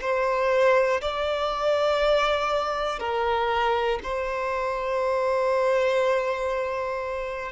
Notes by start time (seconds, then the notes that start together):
0.00 C5
1.01 D5
2.99 A#4
4.03 C5